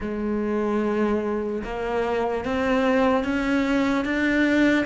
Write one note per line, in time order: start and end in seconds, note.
0.00 1.63 G#3
1.64 2.44 A#3
2.44 3.24 C4
3.24 4.04 C#4
4.04 4.85 D4